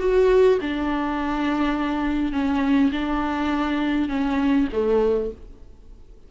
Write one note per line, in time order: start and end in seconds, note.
0.00 0.59 F#4
0.61 2.33 D4
2.33 2.91 C#4
2.93 4.09 D4
4.09 4.68 C#4
4.73 5.32 A3